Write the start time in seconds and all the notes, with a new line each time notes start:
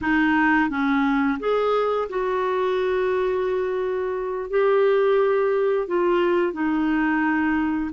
0.01 D#4
0.69 C#4
1.39 G#4
2.09 F#4
4.50 G4
5.87 F4
6.52 D#4